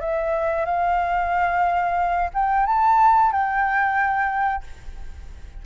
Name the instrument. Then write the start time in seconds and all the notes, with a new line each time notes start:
flute
0.00 E5
0.65 F5
2.34 G5
2.66 A5
3.32 G5